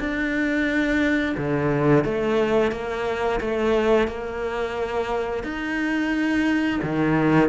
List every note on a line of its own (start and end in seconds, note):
0.00 1.36 D4
1.38 2.05 D3
2.05 2.72 A3
2.72 3.40 A#3
3.41 4.08 A3
4.08 5.44 A#3
5.44 6.80 D#4
6.83 7.50 D#3